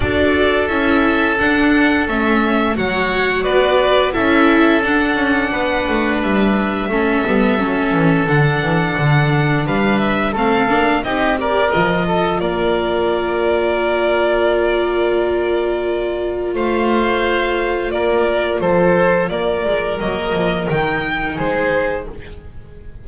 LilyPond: <<
  \new Staff \with { instrumentName = "violin" } { \time 4/4 \tempo 4 = 87 d''4 e''4 fis''4 e''4 | fis''4 d''4 e''4 fis''4~ | fis''4 e''2. | fis''2 f''8 e''8 f''4 |
dis''8 d''8 dis''4 d''2~ | d''1 | f''2 d''4 c''4 | d''4 dis''4 g''4 c''4 | }
  \new Staff \with { instrumentName = "oboe" } { \time 4/4 a'1 | cis''4 b'4 a'2 | b'2 a'2~ | a'2 b'4 a'4 |
g'8 ais'4 a'8 ais'2~ | ais'1 | c''2 ais'4 a'4 | ais'2. gis'4 | }
  \new Staff \with { instrumentName = "viola" } { \time 4/4 fis'4 e'4 d'4 cis'4 | fis'2 e'4 d'4~ | d'2 cis'8 b8 cis'4 | d'2. c'8 d'8 |
dis'8 g'8 f'2.~ | f'1~ | f'1~ | f'4 ais4 dis'2 | }
  \new Staff \with { instrumentName = "double bass" } { \time 4/4 d'4 cis'4 d'4 a4 | fis4 b4 cis'4 d'8 cis'8 | b8 a8 g4 a8 g8 fis8 e8 | d8 e8 d4 g4 a8 ais8 |
c'4 f4 ais2~ | ais1 | a2 ais4 f4 | ais8 gis8 fis8 f8 dis4 gis4 | }
>>